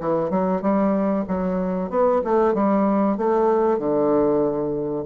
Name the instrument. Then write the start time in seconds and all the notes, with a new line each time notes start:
bassoon
0.00 E3
0.30 F#3
0.61 G3
1.28 F#3
1.90 B3
2.24 A3
2.54 G3
3.17 A3
3.78 D3